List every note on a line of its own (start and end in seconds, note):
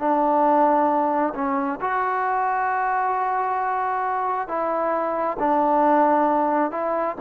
0.00 1.34 D4
1.36 1.80 C#4
1.82 4.48 F#4
4.48 5.38 E4
5.40 6.72 D4
6.72 7.16 E4